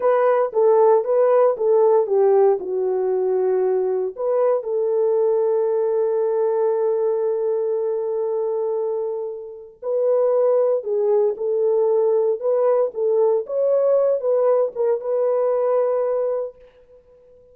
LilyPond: \new Staff \with { instrumentName = "horn" } { \time 4/4 \tempo 4 = 116 b'4 a'4 b'4 a'4 | g'4 fis'2. | b'4 a'2.~ | a'1~ |
a'2. b'4~ | b'4 gis'4 a'2 | b'4 a'4 cis''4. b'8~ | b'8 ais'8 b'2. | }